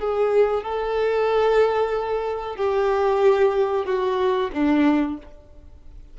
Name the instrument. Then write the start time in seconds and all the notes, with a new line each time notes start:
violin
0.00 G#4
0.64 A4
2.57 G4
3.86 F#4
4.53 D4